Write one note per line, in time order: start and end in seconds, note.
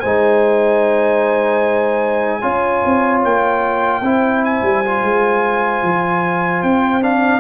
0.00 2.43 G#3
0.00 2.42 D#4
0.00 2.41 C5
0.00 3.20 G#5
2.42 2.83 C#4
2.42 4.02 F4
2.42 4.02 C#5
2.85 3.24 C4
3.24 4.01 A#3
3.24 4.45 G5
4.01 4.61 C4
4.01 4.84 E4
4.01 7.40 C5
4.45 6.63 G#5
4.62 5.02 G3
4.85 7.02 F4
5.02 5.82 G#3
5.83 6.63 F3
6.63 7.40 C4
6.63 7.03 G5
7.02 7.40 D4
7.02 7.40 F5